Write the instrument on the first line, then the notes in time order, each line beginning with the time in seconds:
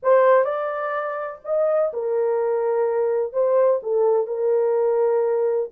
horn
0.02 C5
0.44 D5
1.44 D#5
1.93 A#4
3.32 C5
3.82 A4
4.26 A#4